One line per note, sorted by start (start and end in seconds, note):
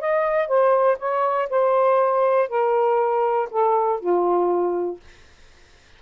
0.00 0.47 D#5
0.47 0.97 C5
0.99 1.49 C#5
1.49 2.48 C5
2.48 3.48 A#4
3.50 4.00 A4
4.00 5.00 F4